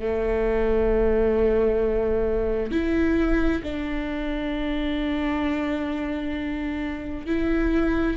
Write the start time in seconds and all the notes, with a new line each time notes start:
0.00 A3
2.71 E4
3.63 D4
7.26 E4